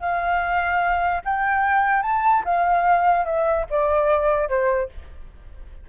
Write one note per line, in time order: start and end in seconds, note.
0.00 1.22 F5
1.25 2.03 G5
2.03 2.43 A5
2.45 3.25 F5
3.25 3.66 E5
3.70 4.49 D5
4.49 4.89 C5